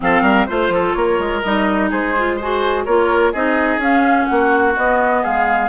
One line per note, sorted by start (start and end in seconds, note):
0.00 0.22 F3
0.00 0.48 C4
0.00 0.22 A4
0.00 0.46 F5
0.22 0.46 G3
0.22 0.45 A#4
0.46 0.69 A3
0.46 1.43 F4
0.46 0.93 C5
0.46 0.73 C5
0.69 0.93 F3
0.69 0.96 A4
0.93 1.18 A#3
0.93 1.90 A#4
0.93 1.41 C#5
1.18 1.42 G#3
1.42 1.91 G3
1.42 2.16 D#4
1.42 1.90 D#5
1.90 2.86 G#3
1.90 2.36 G#4
1.90 2.39 C5
2.16 2.40 F4
2.36 2.87 F#4
2.36 2.85 G#4
2.36 2.83 C5
2.85 3.33 A#3
2.85 3.34 F4
2.85 3.32 A#4
2.85 3.32 C#5
3.32 3.77 C4
3.32 3.80 D#4
3.32 4.27 G#4
3.32 3.80 D#5
3.77 4.25 C#4
3.77 4.75 C#4
3.77 4.25 F5
4.25 4.76 A#3
4.25 4.72 F#5
4.31 5.22 F#4
4.76 5.69 B3
4.76 5.24 B3
4.76 5.24 D#5
5.22 5.69 G#3
5.22 5.69 G#4
5.22 5.69 F5